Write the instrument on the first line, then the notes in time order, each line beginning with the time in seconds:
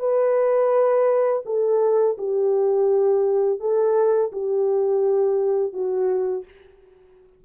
horn
0.00 B4
1.46 A4
2.18 G4
3.60 A4
4.33 G4
5.73 F#4